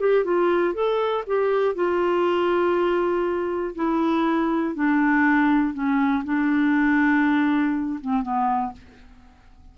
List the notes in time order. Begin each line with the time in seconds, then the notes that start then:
0.00 G4
0.25 F4
0.74 A4
1.27 G4
1.75 F4
3.75 E4
4.75 D4
5.74 C#4
6.25 D4
8.01 C4
8.23 B3